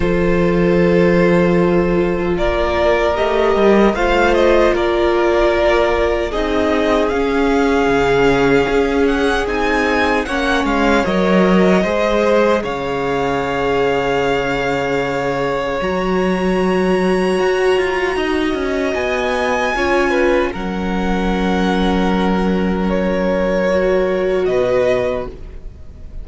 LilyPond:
<<
  \new Staff \with { instrumentName = "violin" } { \time 4/4 \tempo 4 = 76 c''2. d''4 | dis''4 f''8 dis''8 d''2 | dis''4 f''2~ f''8 fis''8 | gis''4 fis''8 f''8 dis''2 |
f''1 | ais''1 | gis''2 fis''2~ | fis''4 cis''2 dis''4 | }
  \new Staff \with { instrumentName = "violin" } { \time 4/4 a'2. ais'4~ | ais'4 c''4 ais'2 | gis'1~ | gis'4 cis''2 c''4 |
cis''1~ | cis''2. dis''4~ | dis''4 cis''8 b'8 ais'2~ | ais'2. b'4 | }
  \new Staff \with { instrumentName = "viola" } { \time 4/4 f'1 | g'4 f'2. | dis'4 cis'2. | dis'4 cis'4 ais'4 gis'4~ |
gis'1 | fis'1~ | fis'4 f'4 cis'2~ | cis'2 fis'2 | }
  \new Staff \with { instrumentName = "cello" } { \time 4/4 f2. ais4 | a8 g8 a4 ais2 | c'4 cis'4 cis4 cis'4 | c'4 ais8 gis8 fis4 gis4 |
cis1 | fis2 fis'8 f'8 dis'8 cis'8 | b4 cis'4 fis2~ | fis2. b,4 | }
>>